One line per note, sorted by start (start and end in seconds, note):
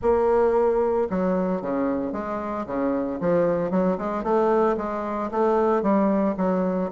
0.01 1.08 A#3
1.09 1.61 F#3
1.61 2.12 C#3
2.12 2.65 G#3
2.66 3.19 C#3
3.20 3.70 F3
3.70 3.97 F#3
3.98 4.23 G#3
4.23 4.76 A3
4.77 5.30 G#3
5.31 5.82 A3
5.82 6.35 G3
6.37 6.90 F#3